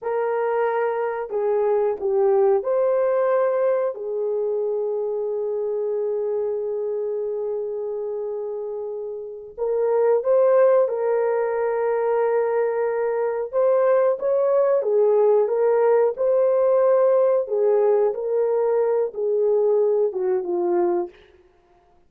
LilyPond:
\new Staff \with { instrumentName = "horn" } { \time 4/4 \tempo 4 = 91 ais'2 gis'4 g'4 | c''2 gis'2~ | gis'1~ | gis'2~ gis'8 ais'4 c''8~ |
c''8 ais'2.~ ais'8~ | ais'8 c''4 cis''4 gis'4 ais'8~ | ais'8 c''2 gis'4 ais'8~ | ais'4 gis'4. fis'8 f'4 | }